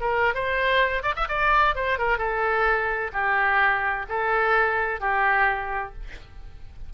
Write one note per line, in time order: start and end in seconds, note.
0.00 0.34 A#4
0.34 1.03 C5
1.03 1.14 D5
1.16 1.27 E5
1.28 1.75 D5
1.75 1.98 C5
1.98 2.18 A#4
2.18 3.11 A4
3.13 4.06 G4
4.09 5.00 A4
5.00 5.93 G4